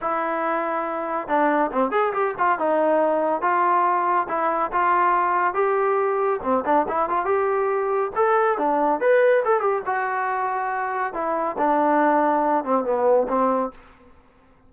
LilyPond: \new Staff \with { instrumentName = "trombone" } { \time 4/4 \tempo 4 = 140 e'2. d'4 | c'8 gis'8 g'8 f'8 dis'2 | f'2 e'4 f'4~ | f'4 g'2 c'8 d'8 |
e'8 f'8 g'2 a'4 | d'4 b'4 a'8 g'8 fis'4~ | fis'2 e'4 d'4~ | d'4. c'8 b4 c'4 | }